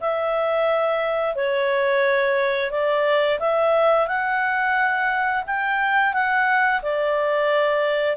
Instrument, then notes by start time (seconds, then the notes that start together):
clarinet
0.00 E5
1.35 C#5
2.71 D5
3.39 E5
4.07 F#5
5.47 G5
6.13 F#5
6.82 D5